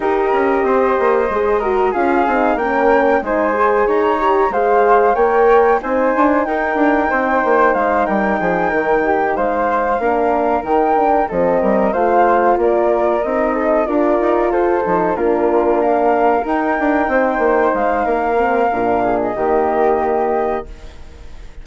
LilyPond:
<<
  \new Staff \with { instrumentName = "flute" } { \time 4/4 \tempo 4 = 93 dis''2. f''4 | g''4 gis''4 ais''4 f''4 | g''4 gis''4 g''2 | f''8 g''2 f''4.~ |
f''8 g''4 dis''4 f''4 d''8~ | d''8 dis''4 d''4 c''4 ais'8~ | ais'8 f''4 g''2 f''8~ | f''4.~ f''16 dis''2~ dis''16 | }
  \new Staff \with { instrumentName = "flute" } { \time 4/4 ais'4 c''4. ais'8 gis'4 | ais'4 c''4 cis''4 c''4 | cis''4 c''4 ais'4 c''4~ | c''8 ais'8 gis'8 ais'8 g'8 c''4 ais'8~ |
ais'4. a'8 ais'8 c''4 ais'8~ | ais'4 a'8 ais'4 a'4 f'8~ | f'8 ais'2 c''4. | ais'4. gis'8 g'2 | }
  \new Staff \with { instrumentName = "horn" } { \time 4/4 g'2 gis'8 fis'8 f'8 dis'8 | cis'4 dis'8 gis'4 g'8 gis'4 | ais'4 dis'2.~ | dis'2.~ dis'8 d'8~ |
d'8 dis'8 d'8 c'4 f'4.~ | f'8 dis'4 f'4. dis'8 d'8~ | d'4. dis'2~ dis'8~ | dis'8 c'8 d'4 ais2 | }
  \new Staff \with { instrumentName = "bassoon" } { \time 4/4 dis'8 cis'8 c'8 ais8 gis4 cis'8 c'8 | ais4 gis4 dis'4 gis4 | ais4 c'8 d'8 dis'8 d'8 c'8 ais8 | gis8 g8 f8 dis4 gis4 ais8~ |
ais8 dis4 f8 g8 a4 ais8~ | ais8 c'4 d'8 dis'8 f'8 f8 ais8~ | ais4. dis'8 d'8 c'8 ais8 gis8 | ais4 ais,4 dis2 | }
>>